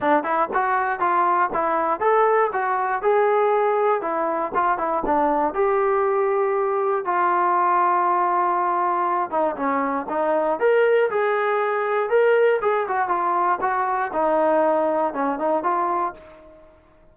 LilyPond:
\new Staff \with { instrumentName = "trombone" } { \time 4/4 \tempo 4 = 119 d'8 e'8 fis'4 f'4 e'4 | a'4 fis'4 gis'2 | e'4 f'8 e'8 d'4 g'4~ | g'2 f'2~ |
f'2~ f'8 dis'8 cis'4 | dis'4 ais'4 gis'2 | ais'4 gis'8 fis'8 f'4 fis'4 | dis'2 cis'8 dis'8 f'4 | }